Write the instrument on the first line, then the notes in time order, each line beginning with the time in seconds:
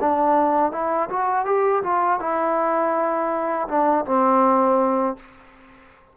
trombone
0.00 D4
0.72 E4
1.09 F#4
1.45 G4
1.82 F4
2.19 E4
3.68 D4
4.05 C4